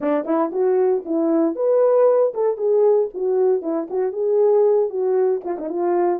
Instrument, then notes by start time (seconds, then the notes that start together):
horn
0.00 D4
0.25 E4
0.51 F#4
1.05 E4
1.55 B4
2.34 A4
2.57 G#4
3.14 F#4
3.62 E4
3.90 F#4
4.12 G#4
4.89 F#4
5.44 F4
5.58 D#4
5.69 F4